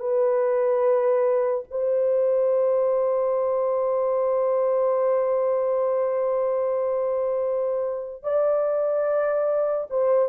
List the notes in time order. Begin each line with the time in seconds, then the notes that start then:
0.00 B4
1.71 C5
8.23 D5
9.90 C5